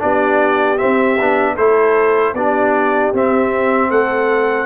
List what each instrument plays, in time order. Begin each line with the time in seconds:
0.00 tuba B3, trombone D4, horn G4, trumpet D5
0.78 trombone C4, tuba C4, trumpet E5
1.21 tuba B3, trombone D4
1.55 tuba A3, trombone E4, horn A4, trumpet C5
2.34 tuba B3, trombone D4, horn G4, trumpet D5
3.14 tuba C4, trombone C4, trumpet E5
3.91 tuba A3, horn A4, trumpet F#5